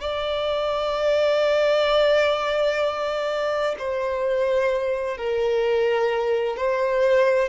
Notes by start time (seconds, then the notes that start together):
0.00 D5
3.78 C5
5.17 A#4
6.56 C5